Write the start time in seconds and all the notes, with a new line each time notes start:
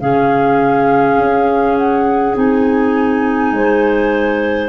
0.00 C#3 C#4 G#4 F5
1.17 C#4
1.76 F#5
2.34 C4 D#4 G#5
3.52 G#3 C5